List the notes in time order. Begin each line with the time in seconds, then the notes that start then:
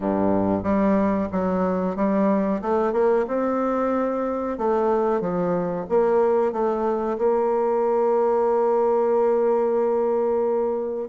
0.00 G2
0.63 G3
1.32 F#3
1.96 G3
2.61 A3
2.93 A#3
3.27 C4
4.57 A3
5.20 F3
5.89 A#3
6.52 A3
7.17 A#3